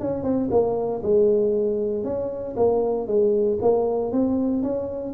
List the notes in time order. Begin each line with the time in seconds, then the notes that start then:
0.00 C#4
0.24 C4
0.51 A#3
1.03 G#3
2.04 C#4
2.57 A#3
3.07 G#3
3.62 A#3
4.12 C4
4.63 C#4